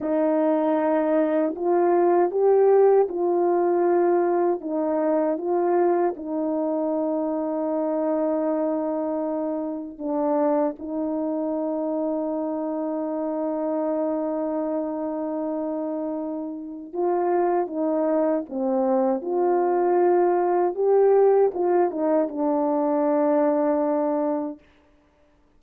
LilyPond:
\new Staff \with { instrumentName = "horn" } { \time 4/4 \tempo 4 = 78 dis'2 f'4 g'4 | f'2 dis'4 f'4 | dis'1~ | dis'4 d'4 dis'2~ |
dis'1~ | dis'2 f'4 dis'4 | c'4 f'2 g'4 | f'8 dis'8 d'2. | }